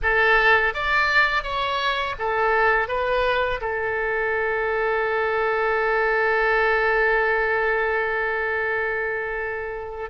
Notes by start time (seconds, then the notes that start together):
0.02 A4
0.74 D5
1.43 C#5
2.19 A4
2.88 B4
3.60 A4